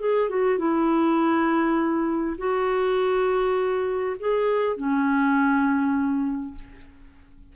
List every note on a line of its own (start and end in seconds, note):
0.00 0.30 G#4
0.30 0.59 F#4
0.59 2.37 E4
2.38 4.16 F#4
4.20 4.77 G#4
4.77 6.55 C#4